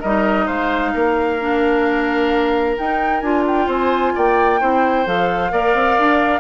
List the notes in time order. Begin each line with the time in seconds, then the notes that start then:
0.00 G3 D#4 A#4 D#5
0.45 G#3 C5 F5
0.94 A#3 A#4
1.40 D4
2.77 D#4 G5
3.20 D4 F4 G#5
3.47 G5
3.66 C4 C5 G#5
4.15 A#3 D5 G5
4.60 C4 E4 C5
5.05 F3 A4 F5
5.50 A#3 A#4 D5
5.74 C4
5.99 D4